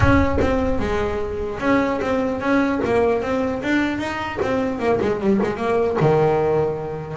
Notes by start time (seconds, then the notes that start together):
0.00 C#4
0.41 C4
0.79 G#3
1.59 C#4
2.01 C4
2.41 C#4
2.84 A#3
3.22 C4
3.62 D4
3.98 D#4
4.42 C4
4.79 A#3
5.01 G#3
5.20 G3
5.42 G#3
5.56 A#3
6.00 D#3